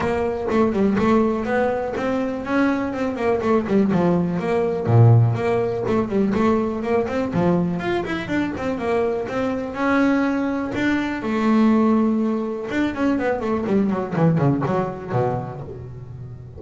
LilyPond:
\new Staff \with { instrumentName = "double bass" } { \time 4/4 \tempo 4 = 123 ais4 a8 g8 a4 b4 | c'4 cis'4 c'8 ais8 a8 g8 | f4 ais4 ais,4 ais4 | a8 g8 a4 ais8 c'8 f4 |
f'8 e'8 d'8 c'8 ais4 c'4 | cis'2 d'4 a4~ | a2 d'8 cis'8 b8 a8 | g8 fis8 e8 cis8 fis4 b,4 | }